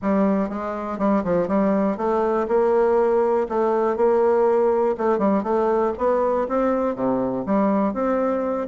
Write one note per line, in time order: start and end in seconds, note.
0.02 0.49 G3
0.49 0.98 G#3
0.98 1.23 G3
1.24 1.48 F3
1.48 1.97 G3
1.97 2.46 A3
2.47 3.47 A#3
3.48 3.96 A3
3.96 4.95 A#3
4.97 5.18 A3
5.18 5.43 G3
5.43 5.93 A3
5.98 6.47 B3
6.48 6.95 C4
6.95 7.44 C3
7.45 7.93 G3
7.93 8.68 C4